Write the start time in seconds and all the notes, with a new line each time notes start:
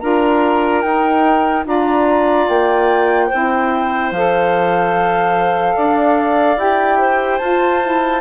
0.00 D4 F4 A#4 A#5
0.82 D#4 G5
1.65 D4 F4 D5 A#5
2.48 A#3 G5
3.28 E4 C5
3.34 C4
4.12 F3 A4 F5
5.76 D4 D5
6.57 E4 G4 G5
6.99 C5
7.39 F4 A5
7.83 E4